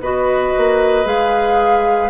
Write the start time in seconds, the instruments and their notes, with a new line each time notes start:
0.00 bassoon B3, clarinet F#4, oboe B4, flute D#5
0.57 bassoon A#3
1.04 bassoon G#3, clarinet G#4, flute F5